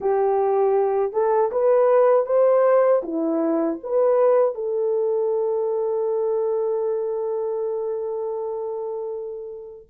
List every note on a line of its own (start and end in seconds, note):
0.00 1.12 G4
1.12 1.50 A4
1.51 2.25 B4
2.25 3.01 C5
3.02 3.78 E4
3.83 4.54 B4
4.54 9.86 A4